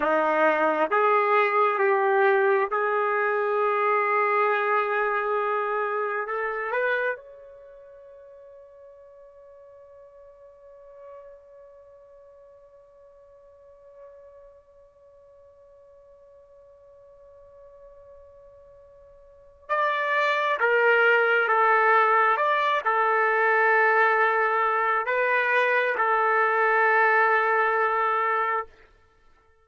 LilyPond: \new Staff \with { instrumentName = "trumpet" } { \time 4/4 \tempo 4 = 67 dis'4 gis'4 g'4 gis'4~ | gis'2. a'8 b'8 | cis''1~ | cis''1~ |
cis''1~ | cis''2 d''4 ais'4 | a'4 d''8 a'2~ a'8 | b'4 a'2. | }